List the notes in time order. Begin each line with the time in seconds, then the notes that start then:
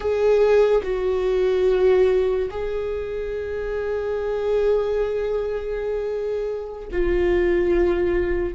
0.00 G#4
0.83 F#4
2.50 G#4
6.91 F4